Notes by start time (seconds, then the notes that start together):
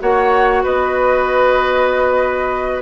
0.00 A#3 F#4 C#5 F#5
0.63 B3 B4 D#5